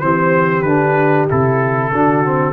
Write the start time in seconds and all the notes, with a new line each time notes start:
0.00 E3 C4 G4 C5
0.62 D3 D4 B4
1.29 C3 E4 A4
1.92 D3 D4 F#4
2.25 C4